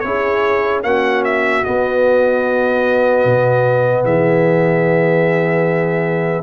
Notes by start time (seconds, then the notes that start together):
0.00 C#4 E4 C#5
0.06 G#4
0.83 A#3 C#4 F#4 F#5
1.25 E5
1.64 B3 D#5
3.25 B2
4.05 E3 G#4 E5